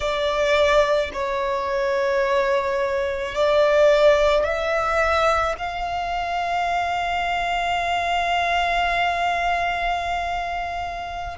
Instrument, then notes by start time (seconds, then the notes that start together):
violin
0.00 D5
1.13 C#5
3.34 D5
4.43 E5
5.58 F5